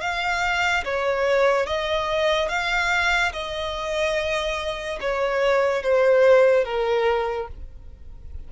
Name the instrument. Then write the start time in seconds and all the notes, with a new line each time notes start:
violin
0.00 F5
0.84 C#5
1.66 D#5
2.48 F5
3.32 D#5
5.00 C#5
5.82 C5
6.64 A#4